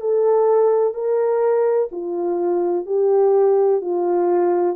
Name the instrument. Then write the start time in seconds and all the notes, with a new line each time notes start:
horn
0.00 A4
0.94 A#4
1.92 F4
2.86 G4
3.81 F4